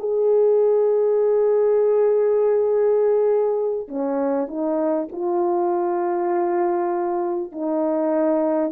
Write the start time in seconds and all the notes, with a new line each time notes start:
0.00 G#4
3.89 C#4
4.48 D#4
5.12 F4
7.52 D#4